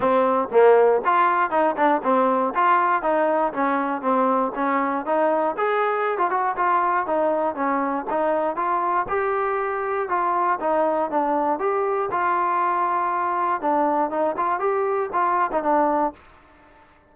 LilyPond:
\new Staff \with { instrumentName = "trombone" } { \time 4/4 \tempo 4 = 119 c'4 ais4 f'4 dis'8 d'8 | c'4 f'4 dis'4 cis'4 | c'4 cis'4 dis'4 gis'4~ | gis'16 f'16 fis'8 f'4 dis'4 cis'4 |
dis'4 f'4 g'2 | f'4 dis'4 d'4 g'4 | f'2. d'4 | dis'8 f'8 g'4 f'8. dis'16 d'4 | }